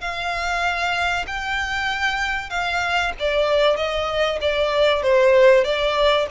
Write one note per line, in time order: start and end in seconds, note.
0.00 1.25 F5
1.27 2.49 G5
2.49 3.12 F5
3.19 3.76 D5
3.76 4.39 D#5
4.41 5.02 D5
5.02 5.64 C5
5.64 6.26 D5